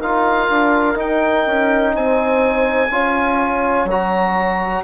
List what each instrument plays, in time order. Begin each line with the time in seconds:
0.00 bassoon D#4, trombone F4, horn A#4, oboe F5
0.50 bassoon D4
0.95 trombone D#4, bassoon D#4, oboe G5
1.47 bassoon C#4
1.95 bassoon C4, horn C5, oboe G#5
2.91 bassoon C#4, trombone F4, horn C#5
3.85 bassoon F#3
3.91 trombone F#4, oboe A#5